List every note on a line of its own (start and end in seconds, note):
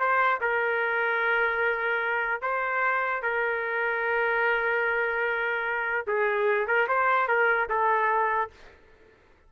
0.00 0.41 C5
0.41 2.42 A#4
2.42 3.23 C5
3.23 6.07 A#4
6.07 6.68 G#4
6.68 6.88 A#4
6.89 7.28 C5
7.28 7.69 A#4
7.70 8.51 A4